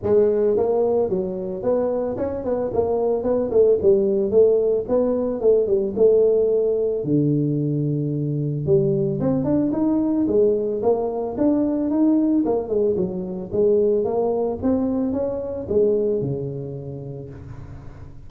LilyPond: \new Staff \with { instrumentName = "tuba" } { \time 4/4 \tempo 4 = 111 gis4 ais4 fis4 b4 | cis'8 b8 ais4 b8 a8 g4 | a4 b4 a8 g8 a4~ | a4 d2. |
g4 c'8 d'8 dis'4 gis4 | ais4 d'4 dis'4 ais8 gis8 | fis4 gis4 ais4 c'4 | cis'4 gis4 cis2 | }